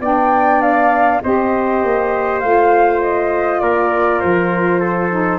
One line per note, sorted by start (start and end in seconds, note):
0.00 1.20 B3
0.00 1.22 D4
0.00 1.21 D5
0.00 0.61 G5
0.61 1.21 F5
1.22 1.83 C4
1.22 2.43 G4
1.22 3.62 C5
1.22 2.40 D#5
1.83 2.42 A#3
2.40 3.61 A3
2.40 5.10 F4
2.40 3.00 F5
3.02 3.60 D#5
3.60 4.21 A#3
3.60 4.79 A#4
3.60 4.20 D5
4.20 5.39 F3
4.20 5.39 C5
4.79 5.39 A4
5.10 5.39 D#4